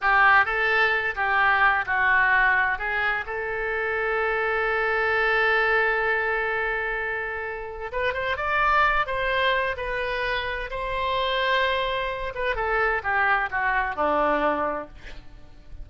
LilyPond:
\new Staff \with { instrumentName = "oboe" } { \time 4/4 \tempo 4 = 129 g'4 a'4. g'4. | fis'2 gis'4 a'4~ | a'1~ | a'1~ |
a'4 b'8 c''8 d''4. c''8~ | c''4 b'2 c''4~ | c''2~ c''8 b'8 a'4 | g'4 fis'4 d'2 | }